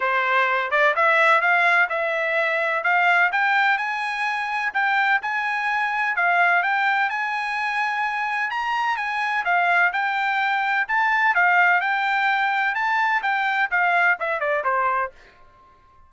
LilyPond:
\new Staff \with { instrumentName = "trumpet" } { \time 4/4 \tempo 4 = 127 c''4. d''8 e''4 f''4 | e''2 f''4 g''4 | gis''2 g''4 gis''4~ | gis''4 f''4 g''4 gis''4~ |
gis''2 ais''4 gis''4 | f''4 g''2 a''4 | f''4 g''2 a''4 | g''4 f''4 e''8 d''8 c''4 | }